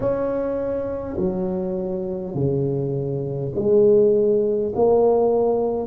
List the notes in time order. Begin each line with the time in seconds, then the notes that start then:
0.00 C#4
1.17 F#3
2.34 C#3
3.55 G#3
4.75 A#3